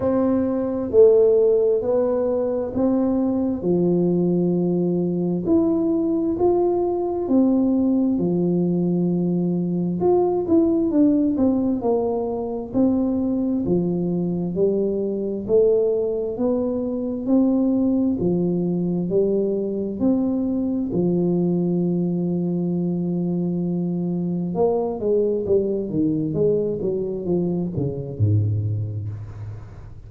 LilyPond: \new Staff \with { instrumentName = "tuba" } { \time 4/4 \tempo 4 = 66 c'4 a4 b4 c'4 | f2 e'4 f'4 | c'4 f2 f'8 e'8 | d'8 c'8 ais4 c'4 f4 |
g4 a4 b4 c'4 | f4 g4 c'4 f4~ | f2. ais8 gis8 | g8 dis8 gis8 fis8 f8 cis8 gis,4 | }